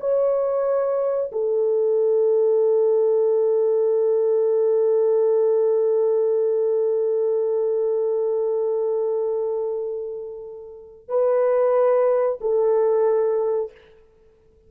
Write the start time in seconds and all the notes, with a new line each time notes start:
0.00 C#5
1.32 A4
11.08 B4
12.41 A4